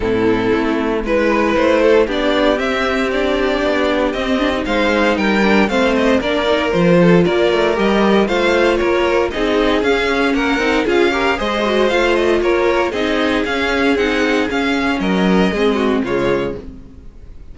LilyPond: <<
  \new Staff \with { instrumentName = "violin" } { \time 4/4 \tempo 4 = 116 a'2 b'4 c''4 | d''4 e''4 d''2 | dis''4 f''4 g''4 f''8 dis''8 | d''4 c''4 d''4 dis''4 |
f''4 cis''4 dis''4 f''4 | fis''4 f''4 dis''4 f''8 dis''8 | cis''4 dis''4 f''4 fis''4 | f''4 dis''2 cis''4 | }
  \new Staff \with { instrumentName = "violin" } { \time 4/4 e'2 b'4. a'8 | g'1~ | g'4 c''4 ais'4 c''4 | ais'4. a'8 ais'2 |
c''4 ais'4 gis'2 | ais'4 gis'8 ais'8 c''2 | ais'4 gis'2.~ | gis'4 ais'4 gis'8 fis'8 f'4 | }
  \new Staff \with { instrumentName = "viola" } { \time 4/4 c'2 e'2 | d'4 c'4 d'2 | c'8 d'16 dis'4.~ dis'16 d'8 c'4 | d'8 dis'8 f'2 g'4 |
f'2 dis'4 cis'4~ | cis'8 dis'8 f'8 g'8 gis'8 fis'8 f'4~ | f'4 dis'4 cis'4 dis'4 | cis'2 c'4 gis4 | }
  \new Staff \with { instrumentName = "cello" } { \time 4/4 a,4 a4 gis4 a4 | b4 c'2 b4 | c'4 gis4 g4 a4 | ais4 f4 ais8 a8 g4 |
a4 ais4 c'4 cis'4 | ais8 c'8 cis'4 gis4 a4 | ais4 c'4 cis'4 c'4 | cis'4 fis4 gis4 cis4 | }
>>